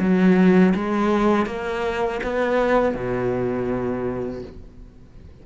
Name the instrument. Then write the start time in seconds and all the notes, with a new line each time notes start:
cello
0.00 F#3
0.75 G#3
1.46 A#3
2.24 B3
2.95 B2